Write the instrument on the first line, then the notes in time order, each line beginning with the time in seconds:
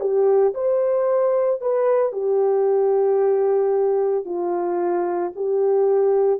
horn
0.00 G4
0.54 C5
1.61 B4
2.12 G4
4.25 F4
5.35 G4